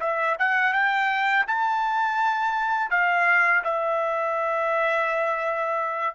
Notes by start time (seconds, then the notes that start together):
0.00 E5
0.39 F#5
0.73 G5
1.47 A5
2.90 F5
3.64 E5